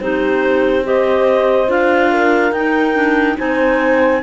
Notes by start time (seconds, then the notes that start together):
0.00 C4 D#4 G4 C5
0.83 G4 C5 D#5
1.67 D4 F4 F5
2.11 A#4
2.51 D#4 G5
2.94 D4
3.37 C4 D#4 C5 G#5